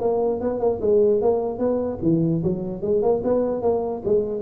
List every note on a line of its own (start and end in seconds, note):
0.00 0.40 A#3
0.41 0.60 B3
0.60 0.80 A#3
0.81 1.21 G#3
1.21 1.58 A#3
1.58 1.99 B3
2.02 2.43 E3
2.43 2.82 F#3
2.82 3.02 G#3
3.02 3.22 A#3
3.24 3.62 B3
3.62 4.02 A#3
4.05 4.42 G#3